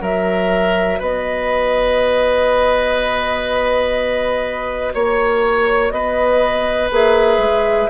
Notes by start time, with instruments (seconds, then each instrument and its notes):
0.00 bassoon F#3, clarinet F#4, oboe A#4, flute E5
0.99 bassoon B3, oboe B4, flute D#5
4.94 bassoon A#3, oboe C#5, flute C#5
5.90 bassoon B3, oboe B4, flute D#5
6.90 bassoon A#3, clarinet G#4, flute E5
7.37 bassoon G#3